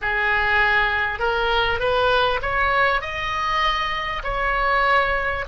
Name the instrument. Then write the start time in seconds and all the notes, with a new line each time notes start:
oboe
0.01 G#4
1.19 A#4
1.79 B4
2.42 C#5
3.01 D#5
4.23 C#5